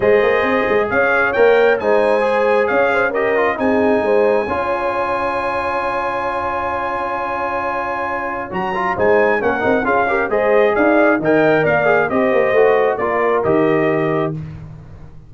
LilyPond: <<
  \new Staff \with { instrumentName = "trumpet" } { \time 4/4 \tempo 4 = 134 dis''2 f''4 g''4 | gis''2 f''4 dis''4 | gis''1~ | gis''1~ |
gis''2. ais''4 | gis''4 fis''4 f''4 dis''4 | f''4 g''4 f''4 dis''4~ | dis''4 d''4 dis''2 | }
  \new Staff \with { instrumentName = "horn" } { \time 4/4 c''2 cis''2 | c''2 cis''8 c''8 ais'4 | gis'4 c''4 cis''2~ | cis''1~ |
cis''1 | c''4 ais'4 gis'8 ais'8 c''4 | d''4 dis''4 d''4 c''4~ | c''4 ais'2. | }
  \new Staff \with { instrumentName = "trombone" } { \time 4/4 gis'2. ais'4 | dis'4 gis'2 g'8 f'8 | dis'2 f'2~ | f'1~ |
f'2. fis'8 f'8 | dis'4 cis'8 dis'8 f'8 g'8 gis'4~ | gis'4 ais'4. gis'8 g'4 | fis'4 f'4 g'2 | }
  \new Staff \with { instrumentName = "tuba" } { \time 4/4 gis8 ais8 c'8 gis8 cis'4 ais4 | gis2 cis'2 | c'4 gis4 cis'2~ | cis'1~ |
cis'2. fis4 | gis4 ais8 c'8 cis'4 gis4 | dis'4 dis4 ais4 c'8 ais8 | a4 ais4 dis2 | }
>>